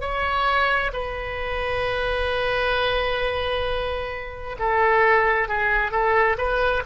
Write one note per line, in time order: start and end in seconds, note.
0.00 0.91 C#5
0.93 4.56 B4
4.59 5.48 A4
5.48 5.91 G#4
5.91 6.36 A4
6.38 6.83 B4